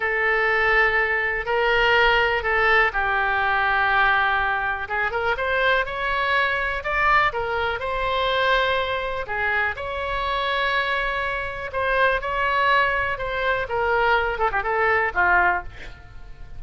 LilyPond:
\new Staff \with { instrumentName = "oboe" } { \time 4/4 \tempo 4 = 123 a'2. ais'4~ | ais'4 a'4 g'2~ | g'2 gis'8 ais'8 c''4 | cis''2 d''4 ais'4 |
c''2. gis'4 | cis''1 | c''4 cis''2 c''4 | ais'4. a'16 g'16 a'4 f'4 | }